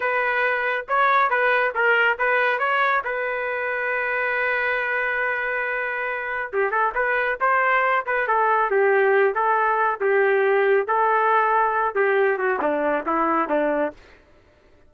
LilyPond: \new Staff \with { instrumentName = "trumpet" } { \time 4/4 \tempo 4 = 138 b'2 cis''4 b'4 | ais'4 b'4 cis''4 b'4~ | b'1~ | b'2. g'8 a'8 |
b'4 c''4. b'8 a'4 | g'4. a'4. g'4~ | g'4 a'2~ a'8 g'8~ | g'8 fis'8 d'4 e'4 d'4 | }